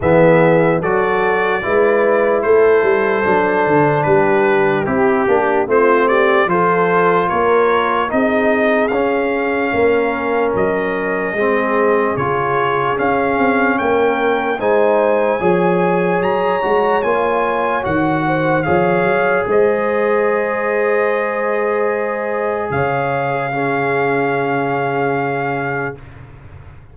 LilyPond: <<
  \new Staff \with { instrumentName = "trumpet" } { \time 4/4 \tempo 4 = 74 e''4 d''2 c''4~ | c''4 b'4 g'4 c''8 d''8 | c''4 cis''4 dis''4 f''4~ | f''4 dis''2 cis''4 |
f''4 g''4 gis''2 | ais''4 gis''4 fis''4 f''4 | dis''1 | f''1 | }
  \new Staff \with { instrumentName = "horn" } { \time 4/4 gis'4 a'4 b'4 a'4~ | a'4 g'2 f'8 g'8 | a'4 ais'4 gis'2 | ais'2 gis'2~ |
gis'4 ais'4 c''4 cis''4~ | cis''2~ cis''8 c''8 cis''4 | c''1 | cis''4 gis'2. | }
  \new Staff \with { instrumentName = "trombone" } { \time 4/4 b4 fis'4 e'2 | d'2 e'8 d'8 c'4 | f'2 dis'4 cis'4~ | cis'2 c'4 f'4 |
cis'2 dis'4 gis'4~ | gis'8 fis'8 f'4 fis'4 gis'4~ | gis'1~ | gis'4 cis'2. | }
  \new Staff \with { instrumentName = "tuba" } { \time 4/4 e4 fis4 gis4 a8 g8 | fis8 d8 g4 c'8 ais8 a4 | f4 ais4 c'4 cis'4 | ais4 fis4 gis4 cis4 |
cis'8 c'8 ais4 gis4 f4 | fis8 gis8 ais4 dis4 f8 fis8 | gis1 | cis1 | }
>>